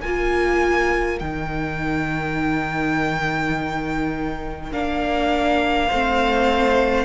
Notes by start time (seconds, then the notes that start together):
0.00 A#3 F4 A#4 G#5
1.20 D#3 D#4 G5
4.72 A#3 D4 F5
5.88 A3 C4 C5